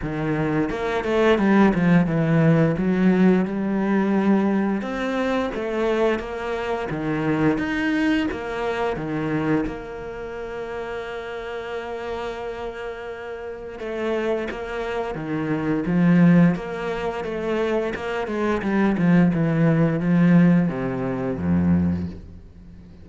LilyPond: \new Staff \with { instrumentName = "cello" } { \time 4/4 \tempo 4 = 87 dis4 ais8 a8 g8 f8 e4 | fis4 g2 c'4 | a4 ais4 dis4 dis'4 | ais4 dis4 ais2~ |
ais1 | a4 ais4 dis4 f4 | ais4 a4 ais8 gis8 g8 f8 | e4 f4 c4 f,4 | }